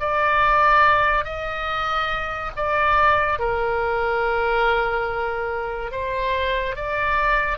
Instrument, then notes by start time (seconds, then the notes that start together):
oboe
0.00 D5
1.25 D#5
2.57 D5
3.40 A#4
5.92 C5
6.76 D5